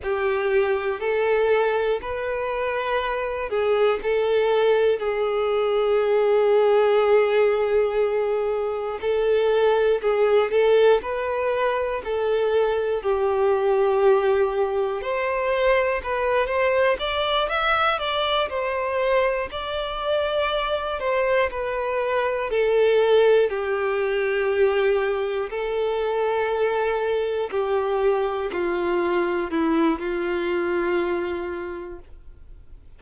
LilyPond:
\new Staff \with { instrumentName = "violin" } { \time 4/4 \tempo 4 = 60 g'4 a'4 b'4. gis'8 | a'4 gis'2.~ | gis'4 a'4 gis'8 a'8 b'4 | a'4 g'2 c''4 |
b'8 c''8 d''8 e''8 d''8 c''4 d''8~ | d''4 c''8 b'4 a'4 g'8~ | g'4. a'2 g'8~ | g'8 f'4 e'8 f'2 | }